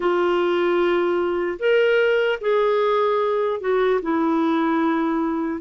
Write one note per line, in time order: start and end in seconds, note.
0.00 1.58 F4
1.59 2.39 A#4
2.40 3.60 G#4
3.60 4.00 F#4
4.01 5.61 E4